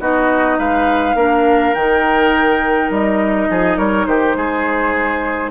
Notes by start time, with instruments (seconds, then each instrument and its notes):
0.00 bassoon B3, clarinet D#4, oboe F#4, flute D#5
0.59 bassoon G#3, oboe B4, flute F5
1.15 bassoon A#3, clarinet D4, oboe A#4
1.74 bassoon D#3, clarinet D#4, flute G5
2.90 bassoon G3, flute D#5
3.50 bassoon F3, oboe G#4
3.78 bassoon G3, oboe A#4, flute C#5
4.06 bassoon D#3, oboe G4, flute C5
4.36 bassoon G#3, oboe G#4